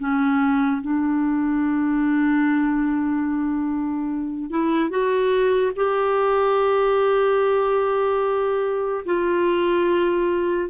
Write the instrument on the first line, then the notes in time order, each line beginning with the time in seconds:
clarinet
0.00 C#4
0.82 D4
4.51 E4
4.90 F#4
5.76 G4
9.06 F4